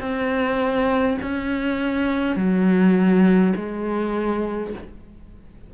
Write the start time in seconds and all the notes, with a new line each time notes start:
0.00 C4
1.22 C#4
2.36 F#3
3.56 G#3